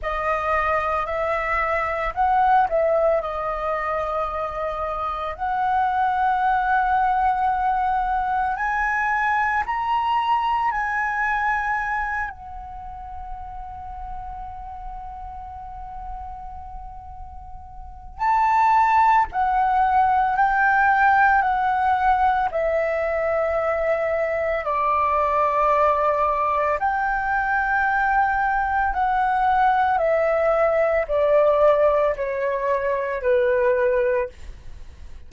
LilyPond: \new Staff \with { instrumentName = "flute" } { \time 4/4 \tempo 4 = 56 dis''4 e''4 fis''8 e''8 dis''4~ | dis''4 fis''2. | gis''4 ais''4 gis''4. fis''8~ | fis''1~ |
fis''4 a''4 fis''4 g''4 | fis''4 e''2 d''4~ | d''4 g''2 fis''4 | e''4 d''4 cis''4 b'4 | }